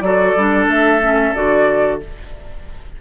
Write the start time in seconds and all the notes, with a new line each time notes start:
0.00 F#3 F#4 A4 D5
0.36 G3 D4
0.68 A3 E5
1.02 C#4
1.35 D3 F#4 D5